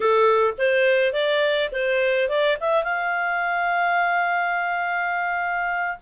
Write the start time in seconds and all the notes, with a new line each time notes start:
0.00 A4
0.58 C5
1.12 D5
1.71 C5
2.28 D5
2.60 E5
2.83 F5